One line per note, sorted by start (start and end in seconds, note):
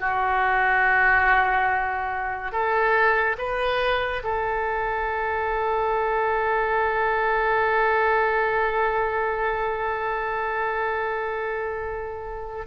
0.00 2.52 F#4
2.52 3.36 A4
3.38 4.23 B4
4.23 12.66 A4